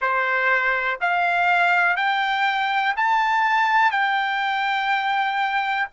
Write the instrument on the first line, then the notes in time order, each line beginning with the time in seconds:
trumpet
0.00 C5
1.00 F5
1.96 G5
2.96 A5
3.91 G5